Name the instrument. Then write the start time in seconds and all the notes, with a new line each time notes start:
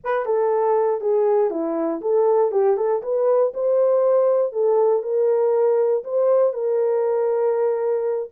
horn
0.04 B4
0.25 A4
1.00 G#4
1.50 E4
2.01 A4
2.51 G4
2.76 A4
3.02 B4
3.54 C5
4.52 A4
5.02 A#4
6.04 C5
6.53 A#4